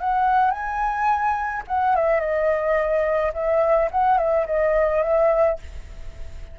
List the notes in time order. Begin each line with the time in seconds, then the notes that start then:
0.00 F#5
0.51 G#5
1.67 F#5
1.96 E5
2.20 D#5
3.33 E5
3.91 F#5
4.18 E5
4.47 D#5
5.03 E5